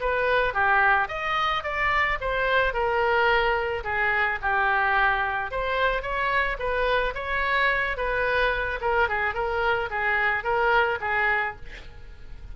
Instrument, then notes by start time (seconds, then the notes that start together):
oboe
0.00 B4
0.53 G4
1.08 D#5
1.63 D5
2.20 C5
2.73 A#4
3.84 G#4
4.41 G4
5.51 C5
6.02 C#5
6.59 B4
7.14 C#5
7.96 B4
8.80 A#4
9.08 G#4
9.34 A#4
9.90 G#4
10.43 A#4
11.00 G#4